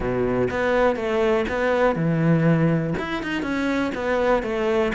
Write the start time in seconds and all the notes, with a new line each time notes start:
0.00 B2
0.50 B3
0.95 A3
1.48 B3
1.95 E3
2.98 E4
3.23 D#4
3.42 C#4
3.94 B3
4.42 A3